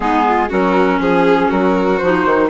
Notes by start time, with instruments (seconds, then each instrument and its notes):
0.00 bassoon G#3, clarinet B3, violin D#4, flute G#4
0.27 violin F4
0.49 bassoon F#3, clarinet C#4, violin F#4, flute A#4
1.00 bassoon F3, violin G#4, flute G#4
1.48 bassoon F#3, violin F#4, flute A#4
1.98 bassoon F3, clarinet D#4, flute C5
2.25 bassoon D#3